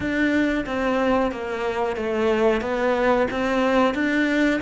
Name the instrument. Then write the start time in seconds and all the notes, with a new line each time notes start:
cello
0.00 D4
0.66 C4
1.31 A#3
1.96 A3
2.61 B3
3.31 C4
3.94 D4